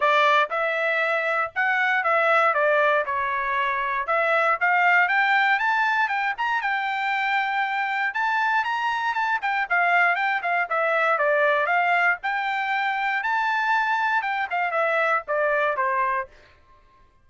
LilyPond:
\new Staff \with { instrumentName = "trumpet" } { \time 4/4 \tempo 4 = 118 d''4 e''2 fis''4 | e''4 d''4 cis''2 | e''4 f''4 g''4 a''4 | g''8 ais''8 g''2. |
a''4 ais''4 a''8 g''8 f''4 | g''8 f''8 e''4 d''4 f''4 | g''2 a''2 | g''8 f''8 e''4 d''4 c''4 | }